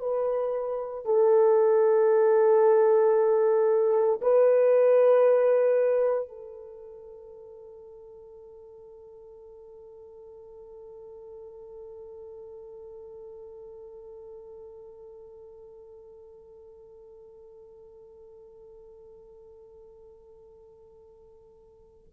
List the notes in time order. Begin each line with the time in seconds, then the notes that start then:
0.00 B4
1.05 A4
4.22 B4
6.28 A4